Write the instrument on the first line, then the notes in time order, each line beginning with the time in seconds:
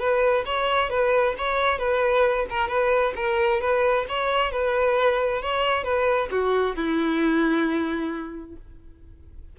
violin
0.00 B4
0.46 C#5
0.90 B4
1.38 C#5
1.79 B4
2.50 A#4
2.69 B4
3.16 A#4
3.61 B4
4.09 C#5
4.52 B4
5.42 C#5
5.84 B4
6.32 F#4
6.76 E4